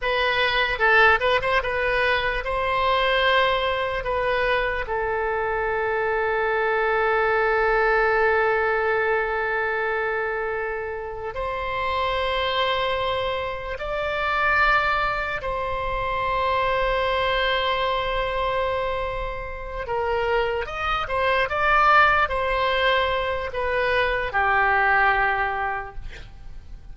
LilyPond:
\new Staff \with { instrumentName = "oboe" } { \time 4/4 \tempo 4 = 74 b'4 a'8 b'16 c''16 b'4 c''4~ | c''4 b'4 a'2~ | a'1~ | a'2 c''2~ |
c''4 d''2 c''4~ | c''1~ | c''8 ais'4 dis''8 c''8 d''4 c''8~ | c''4 b'4 g'2 | }